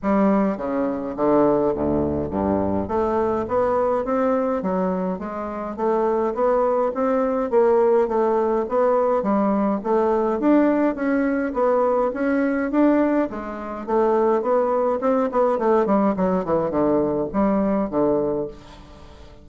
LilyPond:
\new Staff \with { instrumentName = "bassoon" } { \time 4/4 \tempo 4 = 104 g4 cis4 d4 d,4 | g,4 a4 b4 c'4 | fis4 gis4 a4 b4 | c'4 ais4 a4 b4 |
g4 a4 d'4 cis'4 | b4 cis'4 d'4 gis4 | a4 b4 c'8 b8 a8 g8 | fis8 e8 d4 g4 d4 | }